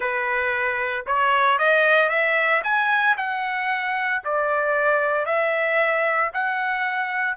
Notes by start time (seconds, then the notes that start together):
0.00 B4
1.06 C#5
1.58 D#5
2.09 E5
2.63 G#5
3.17 F#5
4.24 D5
5.25 E5
6.33 F#5